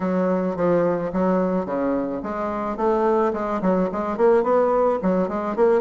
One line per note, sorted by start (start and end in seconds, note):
0.00 0.56 F#3
0.56 1.11 F3
1.12 1.65 F#3
1.65 2.21 C#3
2.22 2.76 G#3
2.76 3.32 A3
3.33 3.61 G#3
3.61 3.89 F#3
3.91 4.17 G#3
4.17 4.43 A#3
4.43 4.98 B3
5.02 5.28 F#3
5.28 5.56 G#3
5.56 5.81 A#3